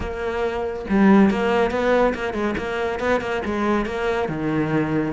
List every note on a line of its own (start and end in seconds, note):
0.00 0.85 A#3
0.89 1.30 G3
1.30 1.70 A#3
1.70 2.13 B3
2.14 2.33 A#3
2.33 2.54 G#3
2.57 2.99 A#3
2.99 3.20 B3
3.20 3.42 A#3
3.45 3.85 G#3
3.85 4.28 A#3
4.28 5.13 D#3